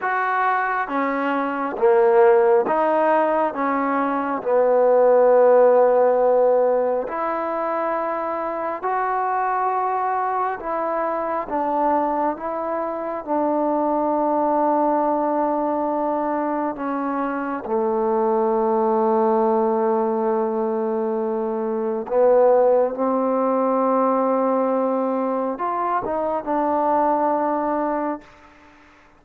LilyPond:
\new Staff \with { instrumentName = "trombone" } { \time 4/4 \tempo 4 = 68 fis'4 cis'4 ais4 dis'4 | cis'4 b2. | e'2 fis'2 | e'4 d'4 e'4 d'4~ |
d'2. cis'4 | a1~ | a4 b4 c'2~ | c'4 f'8 dis'8 d'2 | }